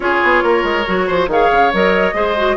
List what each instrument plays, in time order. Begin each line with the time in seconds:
0.00 bassoon C#4, clarinet F4, oboe G#4, flute C#5
0.23 bassoon B3
0.43 bassoon A#3, oboe A#4
0.63 bassoon G#3
0.86 bassoon F#3, clarinet F#4
1.07 bassoon F3, oboe C5
1.27 bassoon D#3, clarinet G#4, oboe C#5, flute F5
1.51 bassoon C#3
1.73 bassoon F#3, clarinet A#4, flute D#5
2.13 bassoon G#3, clarinet G#4, oboe C5
2.36 clarinet F#4